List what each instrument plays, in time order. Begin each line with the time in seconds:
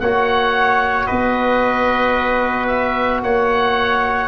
0.00 tuba A#3, trombone F#4, trumpet C#5, oboe F#5
1.06 tuba B3, trumpet B4, oboe D#5
2.67 oboe E5
3.23 tuba A#3, trumpet C#5, oboe F#5